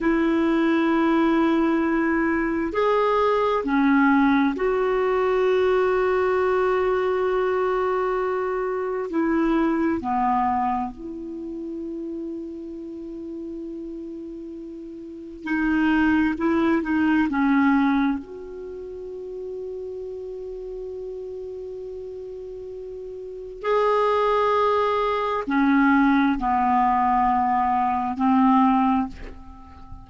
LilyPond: \new Staff \with { instrumentName = "clarinet" } { \time 4/4 \tempo 4 = 66 e'2. gis'4 | cis'4 fis'2.~ | fis'2 e'4 b4 | e'1~ |
e'4 dis'4 e'8 dis'8 cis'4 | fis'1~ | fis'2 gis'2 | cis'4 b2 c'4 | }